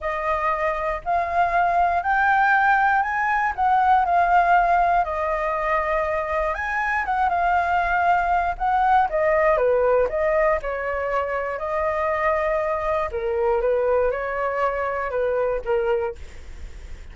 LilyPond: \new Staff \with { instrumentName = "flute" } { \time 4/4 \tempo 4 = 119 dis''2 f''2 | g''2 gis''4 fis''4 | f''2 dis''2~ | dis''4 gis''4 fis''8 f''4.~ |
f''4 fis''4 dis''4 b'4 | dis''4 cis''2 dis''4~ | dis''2 ais'4 b'4 | cis''2 b'4 ais'4 | }